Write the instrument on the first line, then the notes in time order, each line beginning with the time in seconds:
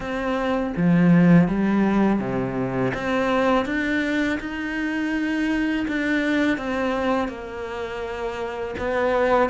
cello
0.00 C4
0.76 F3
1.47 G3
2.19 C3
2.93 C4
3.65 D4
4.40 D#4
5.87 D4
6.57 C4
7.28 A#3
8.78 B3